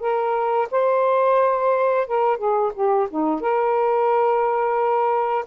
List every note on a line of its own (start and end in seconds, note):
0.00 0.68 A#4
0.71 2.07 C5
2.07 2.38 A#4
2.38 2.72 G#4
2.74 3.08 G4
3.10 3.41 D#4
3.41 5.45 A#4